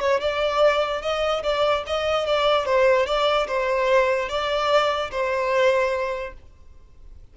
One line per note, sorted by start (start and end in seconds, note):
0.00 0.20 C#5
0.21 1.02 D5
1.02 1.43 D#5
1.43 1.84 D5
1.87 2.26 D#5
2.26 2.65 D5
2.65 3.06 C5
3.06 3.47 D5
3.47 4.29 C5
4.29 5.11 D5
5.11 6.33 C5